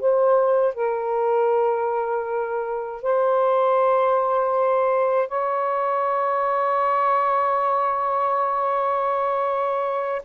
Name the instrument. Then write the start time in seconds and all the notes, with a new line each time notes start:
saxophone
0.00 C5
0.74 A#4
3.02 C5
5.28 C#5